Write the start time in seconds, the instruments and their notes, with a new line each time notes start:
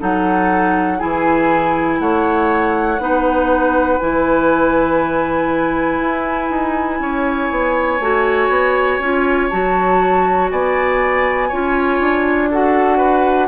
0.00 bassoon F#3, clarinet D#4, oboe A4, flute F#5
0.98 bassoon E3, clarinet E4, oboe G#4, flute G#5
2.00 bassoon A3, oboe C#5, flute F#5
2.99 bassoon B3, clarinet D#4, oboe B4
3.99 bassoon E3, clarinet E4, flute G#5
6.01 bassoon E4
6.50 bassoon D#4
7.00 bassoon C#4, oboe C#5
7.51 bassoon B3
8.00 bassoon A3, clarinet F#4
8.49 bassoon B3
9.00 bassoon C#4, clarinet F4
9.50 bassoon F#3, clarinet F#4, flute A5
10.51 bassoon B3, oboe D5, flute G#5
11.49 bassoon C#4, clarinet F4, oboe C#5
12.00 bassoon D4
12.51 clarinet F#4, oboe A4, flute F#5
12.98 oboe B4